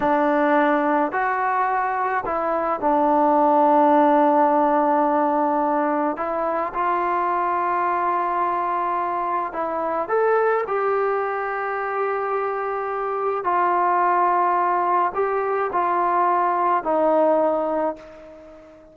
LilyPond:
\new Staff \with { instrumentName = "trombone" } { \time 4/4 \tempo 4 = 107 d'2 fis'2 | e'4 d'2.~ | d'2. e'4 | f'1~ |
f'4 e'4 a'4 g'4~ | g'1 | f'2. g'4 | f'2 dis'2 | }